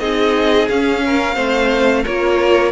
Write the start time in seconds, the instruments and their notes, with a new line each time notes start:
0.00 cello C4, viola D#4, violin G#4 D#5
0.69 cello C#4, viola C#4, violin F5
1.06 violin A#4
1.35 cello A3, viola C4, violin C5
2.04 cello A#3, viola F4, violin A#4 C#5